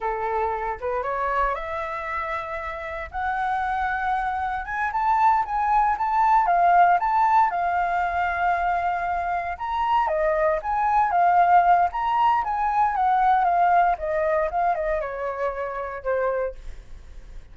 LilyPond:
\new Staff \with { instrumentName = "flute" } { \time 4/4 \tempo 4 = 116 a'4. b'8 cis''4 e''4~ | e''2 fis''2~ | fis''4 gis''8 a''4 gis''4 a''8~ | a''8 f''4 a''4 f''4.~ |
f''2~ f''8 ais''4 dis''8~ | dis''8 gis''4 f''4. ais''4 | gis''4 fis''4 f''4 dis''4 | f''8 dis''8 cis''2 c''4 | }